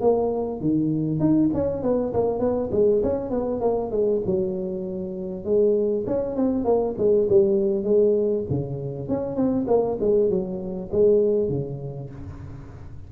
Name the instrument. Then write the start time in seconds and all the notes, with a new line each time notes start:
tuba
0.00 A#3
0.61 D#3
1.19 D#4
1.53 C#4
1.82 B3
2.13 A#3
2.39 B3
2.71 G#3
3.02 C#4
3.30 B3
3.60 A#3
3.91 G#3
4.26 F#3
5.44 G#3
6.06 C#4
6.36 C4
6.64 A#3
6.97 G#3
7.29 G3
7.83 G#3
8.50 C#3
9.08 C#4
9.35 C4
9.67 A#3
10.00 G#3
10.29 F#3
10.91 G#3
11.49 C#3